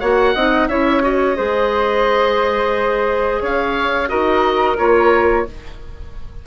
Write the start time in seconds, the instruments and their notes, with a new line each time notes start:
0.00 bassoon A#3, clarinet F#4, flute C#5, oboe F#5
0.35 bassoon C4, clarinet D#4, flute D#5
0.68 bassoon C#4, clarinet E4, flute C#5, oboe E5
1.02 clarinet F#4, oboe D#5
1.36 bassoon G#3, clarinet G#4, flute C5
3.41 bassoon C#4, flute C#5, oboe F5
4.08 bassoon D#4, clarinet F#4, flute A#4, oboe D#5
4.78 bassoon A#3, clarinet F4, oboe C#5